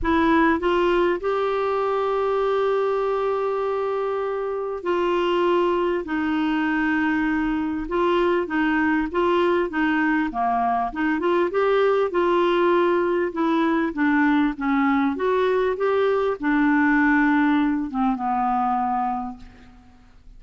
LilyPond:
\new Staff \with { instrumentName = "clarinet" } { \time 4/4 \tempo 4 = 99 e'4 f'4 g'2~ | g'1 | f'2 dis'2~ | dis'4 f'4 dis'4 f'4 |
dis'4 ais4 dis'8 f'8 g'4 | f'2 e'4 d'4 | cis'4 fis'4 g'4 d'4~ | d'4. c'8 b2 | }